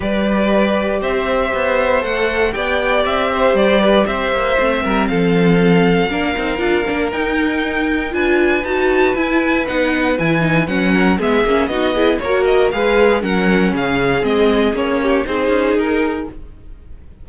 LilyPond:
<<
  \new Staff \with { instrumentName = "violin" } { \time 4/4 \tempo 4 = 118 d''2 e''2 | fis''4 g''4 e''4 d''4 | e''2 f''2~ | f''2 g''2 |
gis''4 a''4 gis''4 fis''4 | gis''4 fis''4 e''4 dis''4 | cis''8 dis''8 f''4 fis''4 f''4 | dis''4 cis''4 c''4 ais'4 | }
  \new Staff \with { instrumentName = "violin" } { \time 4/4 b'2 c''2~ | c''4 d''4. c''4 b'8 | c''4. ais'8 a'2 | ais'1 |
b'1~ | b'4. ais'8 gis'4 fis'8 gis'8 | ais'4 b'4 ais'4 gis'4~ | gis'4. g'8 gis'2 | }
  \new Staff \with { instrumentName = "viola" } { \time 4/4 g'1 | a'4 g'2.~ | g'4 c'2. | d'8 dis'8 f'8 d'8 dis'2 |
f'4 fis'4 e'4 dis'4 | e'8 dis'8 cis'4 b8 cis'8 dis'8 e'8 | fis'4 gis'4 cis'2 | c'4 cis'4 dis'2 | }
  \new Staff \with { instrumentName = "cello" } { \time 4/4 g2 c'4 b4 | a4 b4 c'4 g4 | c'8 ais8 a8 g8 f2 | ais8 c'8 d'8 ais8 dis'2 |
d'4 dis'4 e'4 b4 | e4 fis4 gis8 ais8 b4 | ais4 gis4 fis4 cis4 | gis4 ais4 c'8 cis'8 dis'4 | }
>>